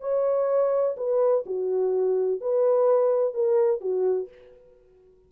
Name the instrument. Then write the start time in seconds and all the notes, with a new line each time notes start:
horn
0.00 C#5
0.97 B4
1.46 F#4
2.40 B4
3.34 A#4
3.80 F#4